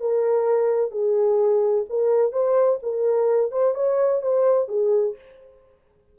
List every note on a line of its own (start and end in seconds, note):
0.00 0.91 A#4
0.91 1.85 G#4
1.89 2.32 A#4
2.32 2.79 C5
2.82 3.51 A#4
3.51 3.75 C5
3.75 4.21 C#5
4.21 4.68 C5
4.68 5.15 G#4